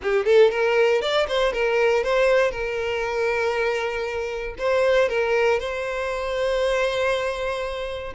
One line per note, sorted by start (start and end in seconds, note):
0.02 0.25 G4
0.25 0.50 A4
0.50 1.01 A#4
1.01 1.27 D5
1.28 1.53 C5
1.53 2.03 A#4
2.03 2.51 C5
2.51 4.54 A#4
4.58 5.08 C5
5.08 5.59 A#4
5.59 8.13 C5